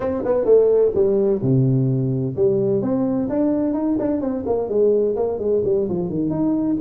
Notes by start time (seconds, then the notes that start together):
0.00 C4
0.25 B3
0.45 A3
0.94 G3
1.41 C3
2.35 G3
2.82 C4
3.29 D4
3.73 D#4
3.99 D4
4.20 C4
4.45 A#3
4.69 G#3
5.16 A#3
5.39 G#3
5.64 G3
5.89 F3
6.09 D#3
6.29 D#4